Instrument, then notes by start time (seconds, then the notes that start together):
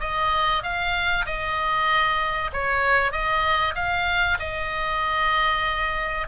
oboe
0.00 D#5
0.62 F5
1.25 D#5
2.53 C#5
3.11 D#5
3.75 F5
4.39 D#5